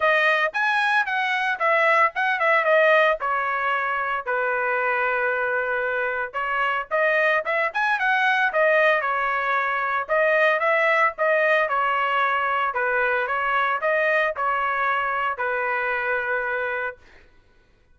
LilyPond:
\new Staff \with { instrumentName = "trumpet" } { \time 4/4 \tempo 4 = 113 dis''4 gis''4 fis''4 e''4 | fis''8 e''8 dis''4 cis''2 | b'1 | cis''4 dis''4 e''8 gis''8 fis''4 |
dis''4 cis''2 dis''4 | e''4 dis''4 cis''2 | b'4 cis''4 dis''4 cis''4~ | cis''4 b'2. | }